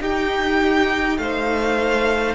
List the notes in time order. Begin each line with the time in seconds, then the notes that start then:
0.00 D#4 G4 G5
1.18 A3 C5 F5